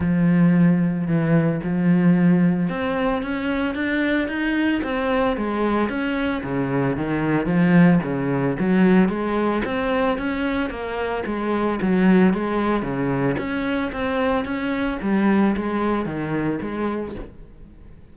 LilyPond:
\new Staff \with { instrumentName = "cello" } { \time 4/4 \tempo 4 = 112 f2 e4 f4~ | f4 c'4 cis'4 d'4 | dis'4 c'4 gis4 cis'4 | cis4 dis4 f4 cis4 |
fis4 gis4 c'4 cis'4 | ais4 gis4 fis4 gis4 | cis4 cis'4 c'4 cis'4 | g4 gis4 dis4 gis4 | }